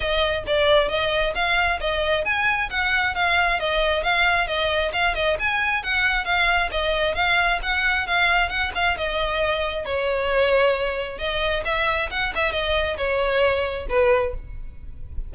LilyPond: \new Staff \with { instrumentName = "violin" } { \time 4/4 \tempo 4 = 134 dis''4 d''4 dis''4 f''4 | dis''4 gis''4 fis''4 f''4 | dis''4 f''4 dis''4 f''8 dis''8 | gis''4 fis''4 f''4 dis''4 |
f''4 fis''4 f''4 fis''8 f''8 | dis''2 cis''2~ | cis''4 dis''4 e''4 fis''8 e''8 | dis''4 cis''2 b'4 | }